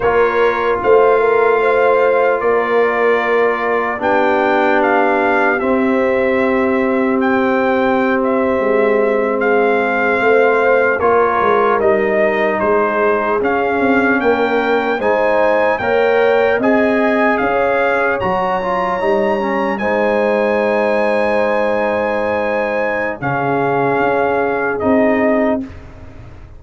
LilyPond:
<<
  \new Staff \with { instrumentName = "trumpet" } { \time 4/4 \tempo 4 = 75 cis''4 f''2 d''4~ | d''4 g''4 f''4 e''4~ | e''4 g''4~ g''16 e''4. f''16~ | f''4.~ f''16 cis''4 dis''4 c''16~ |
c''8. f''4 g''4 gis''4 g''16~ | g''8. gis''4 f''4 ais''4~ ais''16~ | ais''8. gis''2.~ gis''16~ | gis''4 f''2 dis''4 | }
  \new Staff \with { instrumentName = "horn" } { \time 4/4 ais'4 c''8 ais'8 c''4 ais'4~ | ais'4 g'2.~ | g'2.~ g'8. gis'16~ | gis'8. c''4 ais'2 gis'16~ |
gis'4.~ gis'16 ais'4 c''4 cis''16~ | cis''8. dis''4 cis''2~ cis''16~ | cis''8. c''2.~ c''16~ | c''4 gis'2. | }
  \new Staff \with { instrumentName = "trombone" } { \time 4/4 f'1~ | f'4 d'2 c'4~ | c'1~ | c'4.~ c'16 f'4 dis'4~ dis'16~ |
dis'8. cis'2 dis'4 ais'16~ | ais'8. gis'2 fis'8 f'8 dis'16~ | dis'16 cis'8 dis'2.~ dis'16~ | dis'4 cis'2 dis'4 | }
  \new Staff \with { instrumentName = "tuba" } { \time 4/4 ais4 a2 ais4~ | ais4 b2 c'4~ | c'2~ c'8. gis4~ gis16~ | gis8. a4 ais8 gis8 g4 gis16~ |
gis8. cis'8 c'8 ais4 gis4 ais16~ | ais8. c'4 cis'4 fis4 g16~ | g8. gis2.~ gis16~ | gis4 cis4 cis'4 c'4 | }
>>